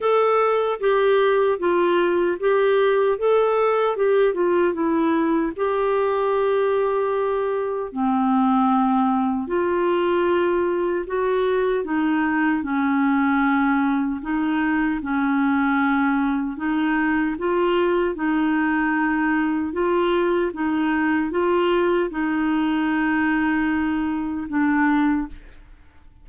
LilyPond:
\new Staff \with { instrumentName = "clarinet" } { \time 4/4 \tempo 4 = 76 a'4 g'4 f'4 g'4 | a'4 g'8 f'8 e'4 g'4~ | g'2 c'2 | f'2 fis'4 dis'4 |
cis'2 dis'4 cis'4~ | cis'4 dis'4 f'4 dis'4~ | dis'4 f'4 dis'4 f'4 | dis'2. d'4 | }